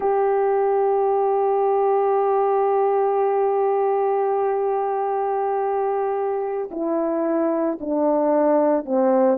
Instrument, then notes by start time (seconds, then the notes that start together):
horn
0.00 G4
6.71 E4
7.80 D4
8.85 C4